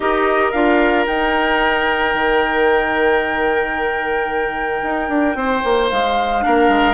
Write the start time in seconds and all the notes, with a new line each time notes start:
0.00 D#4 G4 A#4 D#5
0.51 D4 F4 F5
1.06 D#4 G5
2.14 D#3
4.82 D#4
5.08 D4
5.35 C4 C5
5.64 A#3
5.89 G#3 F5
6.40 A#3 D4 A#4
6.68 G#3